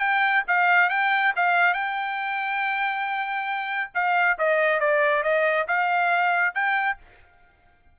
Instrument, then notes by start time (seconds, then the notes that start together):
trumpet
0.00 G5
0.48 F5
0.90 G5
1.36 F5
1.74 G5
3.95 F5
4.39 D#5
4.80 D5
5.23 D#5
5.68 F5
6.55 G5